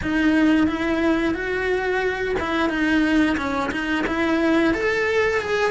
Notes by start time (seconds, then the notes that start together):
0.02 D#4
0.67 E4
1.34 F#4
2.39 E4
2.69 D#4
3.37 C#4
3.71 D#4
4.06 E4
4.74 A4
5.41 G#4